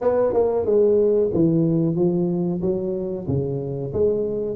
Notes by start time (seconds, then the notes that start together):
0.01 B3
0.33 A#3
0.65 G#3
1.33 E3
1.95 F3
2.61 F#3
3.27 C#3
3.93 G#3